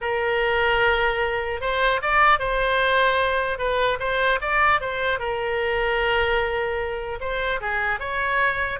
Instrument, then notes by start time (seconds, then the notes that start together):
oboe
0.01 A#4
1.60 C5
2.02 D5
2.39 C5
3.58 B4
3.99 C5
4.41 D5
4.81 C5
5.19 A#4
7.20 C5
7.60 G#4
7.99 C#5